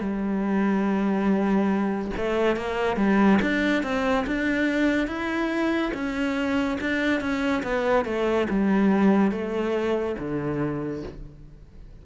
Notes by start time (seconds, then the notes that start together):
0.00 G3
2.17 A3
2.57 A#3
2.97 G3
3.42 D4
3.83 C4
4.26 D4
5.07 E4
5.94 C#4
6.81 D4
7.21 C#4
7.63 B3
8.05 A3
8.50 G3
9.31 A3
10.19 D3